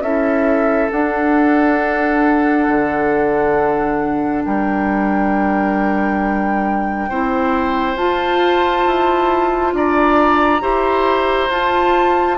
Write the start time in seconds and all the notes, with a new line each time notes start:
0.00 C#4 E4 A4 E5
0.90 D4 F#5
2.67 D3
4.44 G3 A#4 G5
7.08 C4 E4 C5
7.96 F4 A5
8.86 E4
9.72 D4 D5 A#5
10.60 E4 G4 C5
11.49 F4 A5